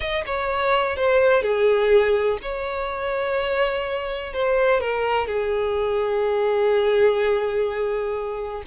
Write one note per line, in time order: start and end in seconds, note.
0.00 0.24 D#5
0.26 0.96 C#5
0.96 1.42 C5
1.42 2.38 G#4
2.42 4.33 C#5
4.33 4.80 C5
4.80 5.27 A#4
5.27 8.63 G#4